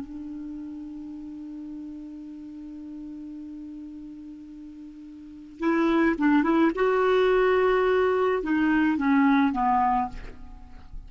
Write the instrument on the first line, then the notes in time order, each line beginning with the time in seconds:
clarinet
0.00 D4
5.59 E4
6.18 D4
6.43 E4
6.74 F#4
8.42 D#4
8.97 C#4
9.52 B3